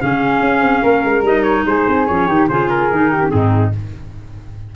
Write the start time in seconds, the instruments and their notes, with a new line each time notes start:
0.00 tuba C#3, clarinet C#4, flute G#4, trumpet F5
0.41 tuba C#4
0.61 tuba C4
0.83 tuba A#3, flute A#4
1.05 tuba G#3
1.23 tuba G3, clarinet D#4, trumpet D#5
1.44 trumpet C#5
1.66 tuba G#3, flute G#4, trumpet C5
1.88 tuba C4
2.07 tuba F3, clarinet C#4, trumpet C#5
2.28 tuba D#3, clarinet D#4, flute G4
2.49 tuba C#3, clarinet F4, flute G#4, trumpet C5
2.70 trumpet A#4
2.91 tuba D#3, clarinet D#4
3.12 flute G4
3.23 clarinet C4 C#4
3.31 tuba G#2, flute D#4, trumpet G#4